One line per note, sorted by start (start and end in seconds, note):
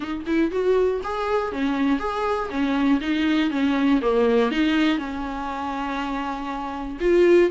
0.00 0.24 D#4
0.26 0.51 E4
0.51 1.01 F#4
1.03 1.51 G#4
1.51 1.99 C#4
1.99 2.49 G#4
2.50 3.00 C#4
3.00 3.50 D#4
3.50 4.00 C#4
4.01 4.51 A#3
4.51 4.97 D#4
4.97 6.97 C#4
7.00 7.50 F4